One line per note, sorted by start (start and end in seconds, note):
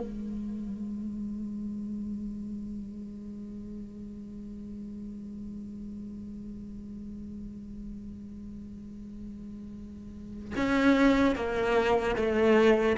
0.00 10.54 G#3
10.56 11.36 C#4
11.36 12.16 A#3
12.16 12.97 A3